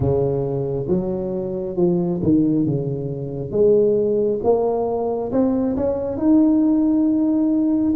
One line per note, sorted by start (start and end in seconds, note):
0.00 0.86 C#3
0.88 1.76 F#3
1.76 2.20 F3
2.22 2.66 D#3
2.66 3.51 C#3
3.51 4.39 G#3
4.43 5.31 A#3
5.31 5.76 C4
5.76 6.17 C#4
6.17 7.93 D#4